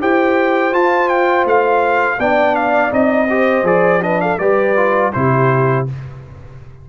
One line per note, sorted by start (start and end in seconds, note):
0.00 0.73 E4
0.00 0.72 G4
0.00 2.19 C5
0.00 0.74 G5
0.72 2.18 F4
0.72 1.45 F4
0.72 1.08 A5
1.08 1.45 G5
1.45 2.18 A3
1.45 2.20 F5
2.18 2.91 B3
2.18 2.90 D4
2.18 3.29 D5
2.18 2.55 G5
2.55 2.92 F5
2.90 3.63 C4
2.90 3.27 D#4
2.90 3.66 D#5
3.30 3.65 G4
3.30 4.03 C5
3.63 4.36 F3
3.63 4.02 G#4
3.63 4.02 D5
4.02 4.38 D4
4.02 4.22 B4
4.02 4.21 D#5
4.21 4.40 A4
4.21 4.38 F5
4.38 5.13 G3
4.38 4.76 G4
4.38 5.13 B4
4.38 5.12 D5
4.76 5.13 F4
5.13 5.88 C3
5.13 5.87 E4
5.13 5.89 G4
5.13 5.86 C5